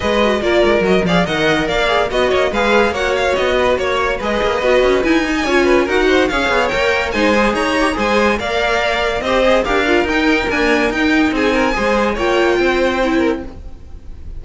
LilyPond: <<
  \new Staff \with { instrumentName = "violin" } { \time 4/4 \tempo 4 = 143 dis''4 d''4 dis''8 f''8 fis''4 | f''4 dis''4 f''4 fis''8 f''8 | dis''4 cis''4 dis''2 | gis''2 fis''4 f''4 |
g''4 gis''4 ais''4 gis''4 | f''2 dis''4 f''4 | g''4 gis''4 g''4 gis''4~ | gis''4 g''2. | }
  \new Staff \with { instrumentName = "violin" } { \time 4/4 b'4 ais'4. d''8 dis''4 | d''4 dis''8 cis''8 b'4 cis''4~ | cis''8 b'8 cis''4 b'2~ | b'8. dis''16 cis''8 b'8 ais'8 c''8 cis''4~ |
cis''4 c''4 cis''4 c''4 | d''2 c''4 ais'4~ | ais'2. gis'8 ais'8 | c''4 cis''4 c''4. ais'8 | }
  \new Staff \with { instrumentName = "viola" } { \time 4/4 gis'8 fis'8 f'4 fis'8 gis'8 ais'4~ | ais'8 gis'8 fis'4 gis'4 fis'4~ | fis'2 gis'4 fis'4 | e'8 dis'8 f'4 fis'4 gis'4 |
ais'4 dis'8 gis'4 g'8 gis'4 | ais'2 g'8 gis'8 g'8 f'8 | dis'4 ais4 dis'2 | gis'4 f'2 e'4 | }
  \new Staff \with { instrumentName = "cello" } { \time 4/4 gis4 ais8 gis8 fis8 f8 dis4 | ais4 b8 ais8 gis4 ais4 | b4 ais4 gis8 ais8 b8 cis'8 | dis'4 cis'4 dis'4 cis'8 b8 |
ais4 gis4 dis'4 gis4 | ais2 c'4 d'4 | dis'4 d'4 dis'4 c'4 | gis4 ais4 c'2 | }
>>